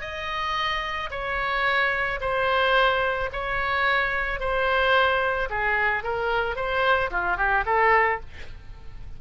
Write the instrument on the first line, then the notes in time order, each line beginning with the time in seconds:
oboe
0.00 D#5
1.10 C#5
2.20 C5
3.32 C#5
4.39 C5
5.49 G#4
6.03 A#4
6.55 C5
7.10 F4
7.37 G4
7.65 A4